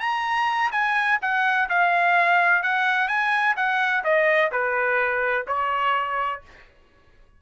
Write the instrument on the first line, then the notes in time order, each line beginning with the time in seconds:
trumpet
0.00 A#5
0.72 G#5
1.22 F#5
1.69 F5
2.63 F#5
3.08 G#5
3.56 F#5
4.04 D#5
4.51 B4
5.47 C#5